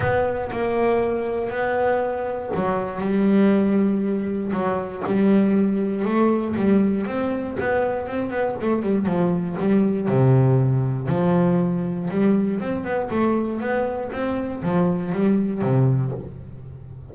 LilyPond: \new Staff \with { instrumentName = "double bass" } { \time 4/4 \tempo 4 = 119 b4 ais2 b4~ | b4 fis4 g2~ | g4 fis4 g2 | a4 g4 c'4 b4 |
c'8 b8 a8 g8 f4 g4 | c2 f2 | g4 c'8 b8 a4 b4 | c'4 f4 g4 c4 | }